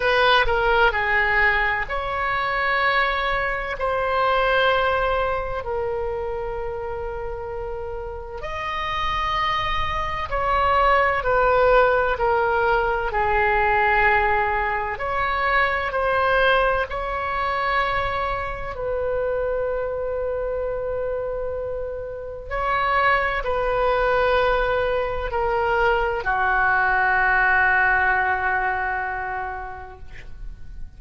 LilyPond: \new Staff \with { instrumentName = "oboe" } { \time 4/4 \tempo 4 = 64 b'8 ais'8 gis'4 cis''2 | c''2 ais'2~ | ais'4 dis''2 cis''4 | b'4 ais'4 gis'2 |
cis''4 c''4 cis''2 | b'1 | cis''4 b'2 ais'4 | fis'1 | }